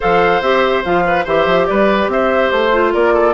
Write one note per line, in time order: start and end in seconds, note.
0.00 0.41 F3
0.00 0.42 A4
0.00 1.04 C5
0.00 0.42 F5
0.41 0.83 C4
0.41 0.84 G4
0.41 0.84 E5
0.84 1.26 F3
0.84 1.26 F4
0.84 1.26 F5
1.06 1.24 B4
1.24 1.46 E3
1.24 2.72 G4
1.24 1.66 C5
1.24 1.66 E5
1.46 1.67 F3
1.66 2.07 G3
1.66 2.11 B4
1.66 2.08 D5
2.07 2.49 C4
2.07 2.93 C5
2.07 2.50 E5
2.50 2.93 A3
2.50 2.92 C5
2.72 3.34 F4
2.93 3.34 A#3
2.93 3.13 A#4
2.93 3.34 D5
3.13 3.34 A4